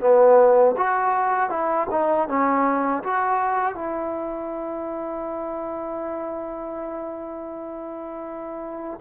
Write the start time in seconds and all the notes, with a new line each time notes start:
0.00 B3
0.77 F#4
1.50 E4
1.90 D#4
2.28 C#4
3.03 F#4
3.74 E4